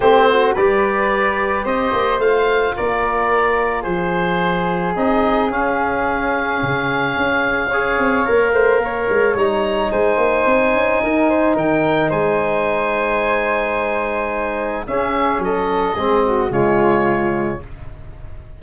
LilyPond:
<<
  \new Staff \with { instrumentName = "oboe" } { \time 4/4 \tempo 4 = 109 c''4 d''2 dis''4 | f''4 d''2 c''4~ | c''4 dis''4 f''2~ | f''1~ |
f''4 ais''4 gis''2~ | gis''4 g''4 gis''2~ | gis''2. e''4 | dis''2 cis''2 | }
  \new Staff \with { instrumentName = "flute" } { \time 4/4 g'8 fis'8 b'2 c''4~ | c''4 ais'2 gis'4~ | gis'1~ | gis'2 cis''4. c''8 |
cis''2 c''2 | ais'8 c''8 ais'4 c''2~ | c''2. gis'4 | a'4 gis'8 fis'8 f'2 | }
  \new Staff \with { instrumentName = "trombone" } { \time 4/4 c'4 g'2. | f'1~ | f'4 dis'4 cis'2~ | cis'2 gis'4 ais'4~ |
ais'4 dis'2.~ | dis'1~ | dis'2. cis'4~ | cis'4 c'4 gis2 | }
  \new Staff \with { instrumentName = "tuba" } { \time 4/4 a4 g2 c'8 ais8 | a4 ais2 f4~ | f4 c'4 cis'2 | cis4 cis'4. c'8 ais8 a8 |
ais8 gis8 g4 gis8 ais8 c'8 cis'8 | dis'4 dis4 gis2~ | gis2. cis'4 | fis4 gis4 cis2 | }
>>